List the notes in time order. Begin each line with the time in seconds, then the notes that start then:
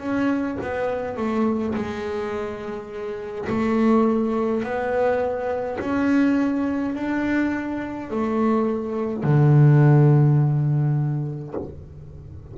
0.00 C#4
0.62 B3
1.17 A3
1.75 G#3
3.49 A3
4.64 B3
5.80 C#4
6.95 D4
8.11 A3
9.24 D3